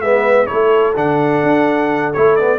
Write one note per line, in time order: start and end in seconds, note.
0.00 0.47 G#3
0.00 0.47 B3
0.00 0.48 B4
0.00 0.46 E5
0.46 0.96 A3
0.46 0.94 E4
0.46 2.59 A4
0.46 0.93 C#5
0.96 1.43 D3
0.96 2.14 D4
0.96 2.13 F#5
1.43 2.14 D4
2.13 2.59 A3
2.13 2.38 E4
2.13 2.36 C#5
2.36 2.59 B3
2.36 2.59 D5